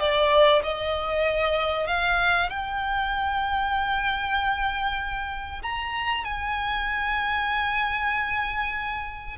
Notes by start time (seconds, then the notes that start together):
0.00 D5
0.63 D#5
1.87 F5
2.50 G5
5.63 A#5
6.25 G#5